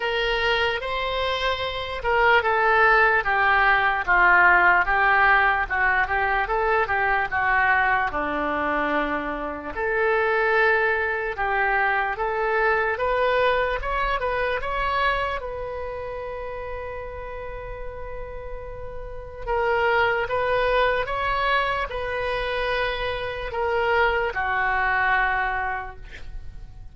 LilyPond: \new Staff \with { instrumentName = "oboe" } { \time 4/4 \tempo 4 = 74 ais'4 c''4. ais'8 a'4 | g'4 f'4 g'4 fis'8 g'8 | a'8 g'8 fis'4 d'2 | a'2 g'4 a'4 |
b'4 cis''8 b'8 cis''4 b'4~ | b'1 | ais'4 b'4 cis''4 b'4~ | b'4 ais'4 fis'2 | }